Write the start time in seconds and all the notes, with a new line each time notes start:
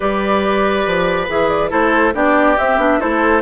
0.00 G3 G4 B4 D5
0.86 F3
1.28 E3 G#4 E5
1.48 D5
1.69 A3 E4 A4 C5
2.13 B3 D4 G4 D5
2.58 C4 E5
2.77 B3 D4
2.99 A3 E4 A4 C5